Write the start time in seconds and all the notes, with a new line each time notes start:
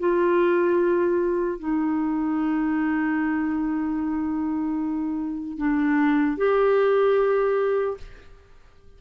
0.00 F4
1.59 D#4
5.58 D4
6.37 G4